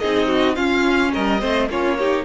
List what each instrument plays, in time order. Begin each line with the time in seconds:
0.00 cello C4, viola D#4, violin G#4 D#5
0.28 violin F#4
0.56 viola C#4, cello C#4, violin F4 F5
1.14 cello G3, violin A#4 D#5
1.41 cello A3, viola C4, violin C5
1.70 cello A#3, viola C#4, violin F4 C#5
1.99 viola D#4, violin G4